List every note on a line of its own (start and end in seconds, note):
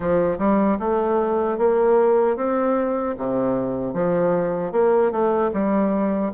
0.00 0.37 F3
0.38 0.78 G3
0.79 1.58 A3
1.58 2.36 A#3
2.36 3.15 C4
3.17 3.93 C3
3.93 4.72 F3
4.72 5.11 A#3
5.11 5.50 A3
5.53 6.32 G3